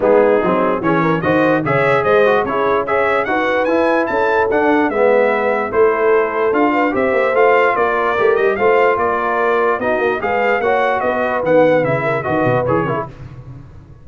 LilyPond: <<
  \new Staff \with { instrumentName = "trumpet" } { \time 4/4 \tempo 4 = 147 gis'2 cis''4 dis''4 | e''4 dis''4 cis''4 e''4 | fis''4 gis''4 a''4 fis''4 | e''2 c''2 |
f''4 e''4 f''4 d''4~ | d''8 dis''8 f''4 d''2 | dis''4 f''4 fis''4 dis''4 | fis''4 e''4 dis''4 cis''4 | }
  \new Staff \with { instrumentName = "horn" } { \time 4/4 dis'2 gis'8 ais'8 c''4 | cis''4 c''4 gis'4 cis''4 | b'2 a'2 | b'2 a'2~ |
a'8 b'8 c''2 ais'4~ | ais'4 c''4 ais'2 | fis'4 b'4 cis''4 b'4~ | b'4. ais'8 b'4. ais'16 gis'16 | }
  \new Staff \with { instrumentName = "trombone" } { \time 4/4 b4 c'4 cis'4 fis'4 | gis'4. fis'8 e'4 gis'4 | fis'4 e'2 d'4 | b2 e'2 |
f'4 g'4 f'2 | g'4 f'2. | dis'4 gis'4 fis'2 | b4 e'4 fis'4 gis'8 e'8 | }
  \new Staff \with { instrumentName = "tuba" } { \time 4/4 gis4 fis4 e4 dis4 | cis4 gis4 cis'2 | dis'4 e'4 cis'4 d'4 | gis2 a2 |
d'4 c'8 ais8 a4 ais4 | a8 g8 a4 ais2 | b8 ais8 gis4 ais4 b4 | dis4 cis4 dis8 b,8 e8 cis8 | }
>>